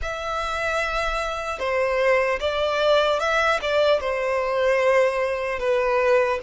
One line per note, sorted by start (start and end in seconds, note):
0.02 1.59 E5
1.59 2.39 C5
2.40 3.19 D5
3.19 3.59 E5
3.61 4.00 D5
4.00 5.59 C5
5.59 6.39 B4